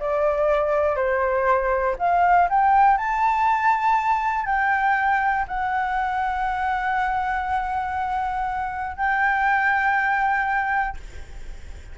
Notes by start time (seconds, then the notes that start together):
0.00 D5
0.96 C5
1.99 F5
2.50 G5
2.97 A5
4.46 G5
5.48 F#5
8.97 G5